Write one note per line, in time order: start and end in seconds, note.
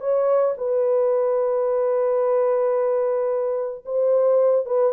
0.00 0.55 C#5
0.57 3.85 B4
3.85 4.66 C5
4.66 4.93 B4